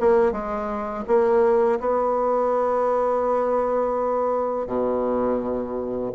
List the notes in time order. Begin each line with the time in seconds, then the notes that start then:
0.00 A#3
0.32 G#3
1.07 A#3
1.80 B3
4.67 B2